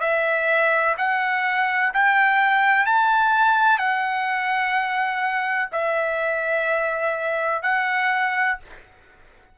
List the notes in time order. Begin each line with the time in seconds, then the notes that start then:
0.00 E5
0.97 F#5
1.94 G5
2.86 A5
3.78 F#5
5.72 E5
7.63 F#5